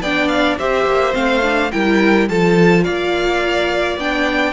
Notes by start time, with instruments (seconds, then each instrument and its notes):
0.00 cello B3, viola D4, violin D5 G5
0.28 violin F5
0.58 cello C4, viola G4, violin C5 E5
0.85 cello A#3
1.12 cello A3, viola C4, violin F5
1.42 viola D4
1.71 cello G3, viola E4, violin A#4 G5
2.28 cello F3, viola F4, violin A4 A5
2.84 cello A#3, violin D5 F5
3.97 cello B3, viola D4, violin G5